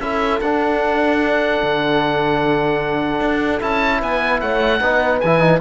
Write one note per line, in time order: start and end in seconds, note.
0.00 0.40 C#4
0.00 0.42 E4
0.00 4.00 A4
0.00 0.40 E5
0.41 1.61 D4
0.41 3.60 D4
0.41 3.61 F#5
1.62 3.20 D3
3.20 3.60 D4
3.60 4.02 C#4
3.60 4.80 E4
3.60 4.02 A5
4.00 4.42 B3
4.00 4.40 B4
4.00 4.41 G#5
4.41 4.81 A3
4.41 4.81 C#5
4.41 5.20 F#5
4.81 5.21 B3
4.81 5.22 D#4
4.81 5.61 B4
5.20 5.61 E3
5.20 5.40 E4
5.20 5.60 G#5
5.40 5.60 D#4